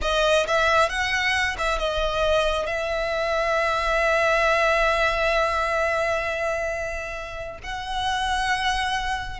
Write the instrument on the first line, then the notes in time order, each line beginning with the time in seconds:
violin
0.01 D#5
0.46 E5
0.89 F#5
1.58 E5
1.78 D#5
2.66 E5
7.63 F#5